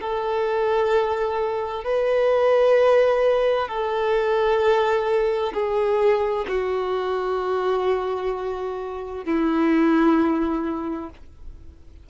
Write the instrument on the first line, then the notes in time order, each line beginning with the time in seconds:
violin
0.00 A4
1.84 B4
3.68 A4
5.53 G#4
6.48 F#4
9.25 E4